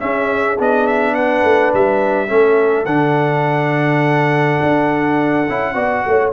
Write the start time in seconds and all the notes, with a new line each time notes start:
0.00 C#4 G#4 E5
0.59 B3 D4 D#5
0.87 E5
1.15 B4 F#5
1.44 A3
1.74 G3 E5
2.28 A3 C#4 A4
2.86 D3 D4 F#5
4.63 D4
5.50 C#4 E4
5.75 B3 F#4 D5
6.07 A3 C#5